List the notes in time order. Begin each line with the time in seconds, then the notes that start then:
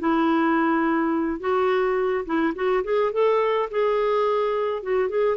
0.00 E4
1.40 F#4
2.26 E4
2.55 F#4
2.84 G#4
3.13 A4
3.71 G#4
4.83 F#4
5.09 G#4